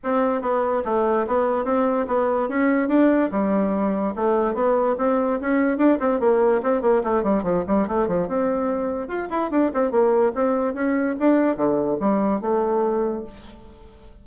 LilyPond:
\new Staff \with { instrumentName = "bassoon" } { \time 4/4 \tempo 4 = 145 c'4 b4 a4 b4 | c'4 b4 cis'4 d'4 | g2 a4 b4 | c'4 cis'4 d'8 c'8 ais4 |
c'8 ais8 a8 g8 f8 g8 a8 f8 | c'2 f'8 e'8 d'8 c'8 | ais4 c'4 cis'4 d'4 | d4 g4 a2 | }